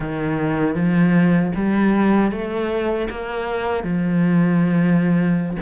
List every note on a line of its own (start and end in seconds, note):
0.00 0.75 D#3
0.75 1.52 F3
1.55 2.31 G3
2.31 3.08 A3
3.09 3.83 A#3
3.83 5.56 F3